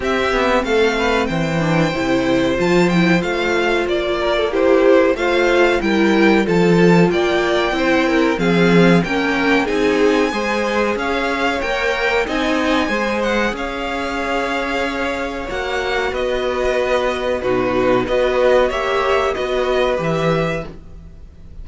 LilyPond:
<<
  \new Staff \with { instrumentName = "violin" } { \time 4/4 \tempo 4 = 93 e''4 f''4 g''2 | a''8 g''8 f''4 d''4 c''4 | f''4 g''4 a''4 g''4~ | g''4 f''4 g''4 gis''4~ |
gis''4 f''4 g''4 gis''4~ | gis''8 fis''8 f''2. | fis''4 dis''2 b'4 | dis''4 e''4 dis''4 e''4 | }
  \new Staff \with { instrumentName = "violin" } { \time 4/4 g'4 a'8 b'8 c''2~ | c''2~ c''8 ais'16 a'16 g'4 | c''4 ais'4 a'4 d''4 | c''8 ais'8 gis'4 ais'4 gis'4 |
c''4 cis''2 dis''4 | c''4 cis''2.~ | cis''4 b'2 fis'4 | b'4 cis''4 b'2 | }
  \new Staff \with { instrumentName = "viola" } { \time 4/4 c'2~ c'8 d'8 e'4 | f'8 e'8 f'2 e'4 | f'4 e'4 f'2 | e'4 c'4 cis'4 dis'4 |
gis'2 ais'4 dis'4 | gis'1 | fis'2. dis'4 | fis'4 g'4 fis'4 g'4 | }
  \new Staff \with { instrumentName = "cello" } { \time 4/4 c'8 b8 a4 e4 c4 | f4 a4 ais2 | a4 g4 f4 ais4 | c'4 f4 ais4 c'4 |
gis4 cis'4 ais4 c'4 | gis4 cis'2. | ais4 b2 b,4 | b4 ais4 b4 e4 | }
>>